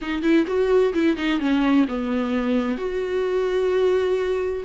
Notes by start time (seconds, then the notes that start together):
0.01 D#4
0.22 E4
0.46 F#4
0.93 E4
1.16 D#4
1.39 C#4
1.88 B3
2.77 F#4